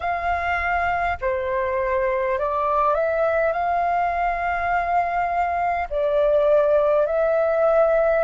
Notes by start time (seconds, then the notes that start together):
0.00 F5
1.21 C5
2.39 D5
2.94 E5
3.52 F5
5.89 D5
7.06 E5